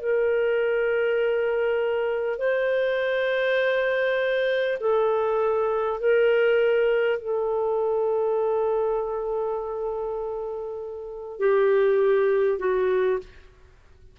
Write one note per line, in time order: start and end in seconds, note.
0.00 2.38 A#4
2.38 4.78 C5
4.80 6.00 A4
6.00 7.19 A#4
7.19 11.39 A4
11.39 12.58 G4
12.58 13.18 F#4